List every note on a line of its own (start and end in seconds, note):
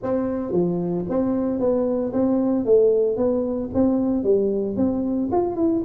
0.02 0.52 C4
0.52 1.05 F3
1.09 1.59 C4
1.59 2.12 B3
2.12 2.65 C4
2.65 3.16 A3
3.16 3.69 B3
3.74 4.23 C4
4.23 4.76 G3
4.76 5.29 C4
5.31 5.56 F4
5.56 5.82 E4